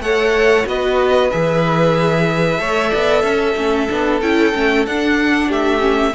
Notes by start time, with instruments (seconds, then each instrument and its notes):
0.00 cello A3, viola A4, violin C#5 F#5
0.66 cello B3, viola F#4, violin B4 D#5
1.31 cello E3, viola G#4, violin E5
2.58 cello A3, viola A4, violin C#5
2.91 cello B3, violin D5
3.23 cello C#4, violin A4
3.56 cello A3, viola C#4
3.89 cello B3, viola D4
4.22 cello C#4, viola E4, violin G5
4.54 cello A3, viola C#4
4.87 cello D4, viola D4, violin F#5
5.48 cello A3, violin G4 E5
5.80 viola C#4